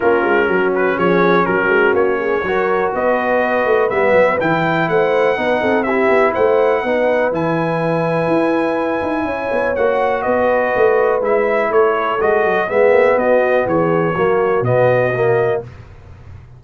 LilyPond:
<<
  \new Staff \with { instrumentName = "trumpet" } { \time 4/4 \tempo 4 = 123 ais'4. b'8 cis''4 ais'4 | cis''2 dis''2 | e''4 g''4 fis''2 | e''4 fis''2 gis''4~ |
gis''1 | fis''4 dis''2 e''4 | cis''4 dis''4 e''4 dis''4 | cis''2 dis''2 | }
  \new Staff \with { instrumentName = "horn" } { \time 4/4 f'4 fis'4 gis'4 fis'4~ | fis'8 gis'8 ais'4 b'2~ | b'2 c''4 b'8 a'8 | g'4 c''4 b'2~ |
b'2. cis''4~ | cis''4 b'2. | a'2 gis'4 fis'4 | gis'4 fis'2. | }
  \new Staff \with { instrumentName = "trombone" } { \time 4/4 cis'1~ | cis'4 fis'2. | b4 e'2 dis'4 | e'2 dis'4 e'4~ |
e'1 | fis'2. e'4~ | e'4 fis'4 b2~ | b4 ais4 b4 ais4 | }
  \new Staff \with { instrumentName = "tuba" } { \time 4/4 ais8 gis8 fis4 f4 fis8 gis8 | ais4 fis4 b4. a8 | g8 fis8 e4 a4 b8 c'8~ | c'8 b8 a4 b4 e4~ |
e4 e'4. dis'8 cis'8 b8 | ais4 b4 a4 gis4 | a4 gis8 fis8 gis8 ais8 b4 | e4 fis4 b,2 | }
>>